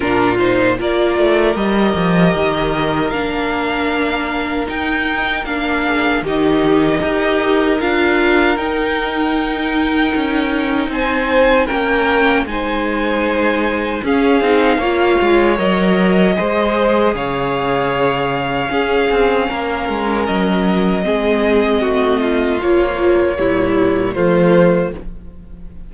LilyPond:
<<
  \new Staff \with { instrumentName = "violin" } { \time 4/4 \tempo 4 = 77 ais'8 c''8 d''4 dis''2 | f''2 g''4 f''4 | dis''2 f''4 g''4~ | g''2 gis''4 g''4 |
gis''2 f''2 | dis''2 f''2~ | f''2 dis''2~ | dis''4 cis''2 c''4 | }
  \new Staff \with { instrumentName = "violin" } { \time 4/4 f'4 ais'2.~ | ais'2.~ ais'8 gis'8 | g'4 ais'2.~ | ais'2 c''4 ais'4 |
c''2 gis'4 cis''4~ | cis''4 c''4 cis''2 | gis'4 ais'2 gis'4 | fis'8 f'4. e'4 f'4 | }
  \new Staff \with { instrumentName = "viola" } { \time 4/4 d'8 dis'8 f'4 g'2 | d'2 dis'4 d'4 | dis'4 g'4 f'4 dis'4~ | dis'2. cis'4 |
dis'2 cis'8 dis'8 f'4 | ais'4 gis'2. | cis'2. c'4~ | c'4 f4 g4 a4 | }
  \new Staff \with { instrumentName = "cello" } { \time 4/4 ais,4 ais8 a8 g8 f8 dis4 | ais2 dis'4 ais4 | dis4 dis'4 d'4 dis'4~ | dis'4 cis'4 c'4 ais4 |
gis2 cis'8 c'8 ais8 gis8 | fis4 gis4 cis2 | cis'8 c'8 ais8 gis8 fis4 gis4 | a4 ais4 ais,4 f4 | }
>>